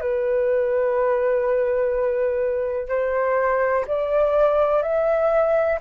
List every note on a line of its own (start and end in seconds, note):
0.00 2.88 B4
2.88 3.85 C5
3.87 4.82 D5
4.82 5.79 E5